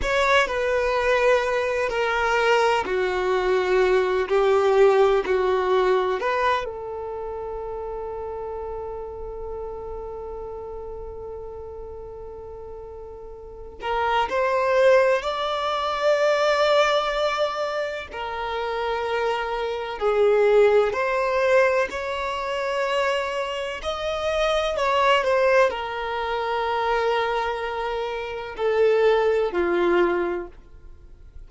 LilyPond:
\new Staff \with { instrumentName = "violin" } { \time 4/4 \tempo 4 = 63 cis''8 b'4. ais'4 fis'4~ | fis'8 g'4 fis'4 b'8 a'4~ | a'1~ | a'2~ a'8 ais'8 c''4 |
d''2. ais'4~ | ais'4 gis'4 c''4 cis''4~ | cis''4 dis''4 cis''8 c''8 ais'4~ | ais'2 a'4 f'4 | }